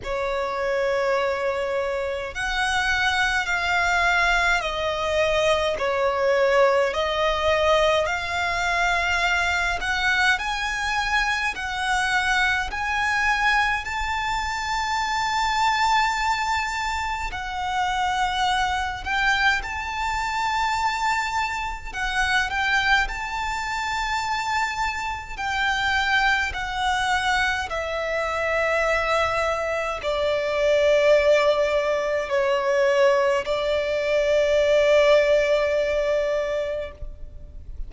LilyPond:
\new Staff \with { instrumentName = "violin" } { \time 4/4 \tempo 4 = 52 cis''2 fis''4 f''4 | dis''4 cis''4 dis''4 f''4~ | f''8 fis''8 gis''4 fis''4 gis''4 | a''2. fis''4~ |
fis''8 g''8 a''2 fis''8 g''8 | a''2 g''4 fis''4 | e''2 d''2 | cis''4 d''2. | }